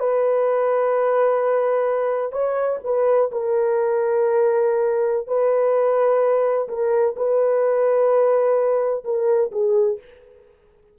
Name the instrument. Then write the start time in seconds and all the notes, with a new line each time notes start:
horn
0.00 B4
2.32 C#5
2.84 B4
3.32 A#4
5.28 B4
6.69 A#4
7.17 B4
9.05 A#4
9.52 G#4